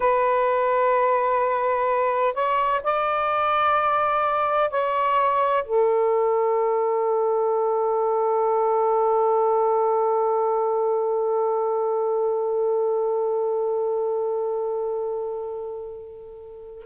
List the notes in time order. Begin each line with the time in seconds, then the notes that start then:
0.00 B4
2.34 C#5
2.83 D5
4.70 C#5
5.64 A4